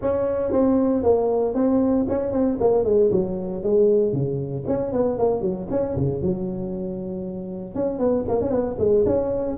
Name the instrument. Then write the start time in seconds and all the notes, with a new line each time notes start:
tuba
0.01 C#4
0.52 C4
1.03 A#3
1.54 C4
2.09 C#4
2.32 C4
2.60 A#3
2.84 G#3
3.11 F#3
3.63 G#3
4.12 C#3
4.67 C#4
4.92 B3
5.18 A#3
5.41 F#3
5.70 C#4
5.96 C#3
6.22 F#3
7.74 C#4
7.99 B3
8.28 A#3
8.41 C#4
8.50 B3
8.78 G#3
9.06 C#4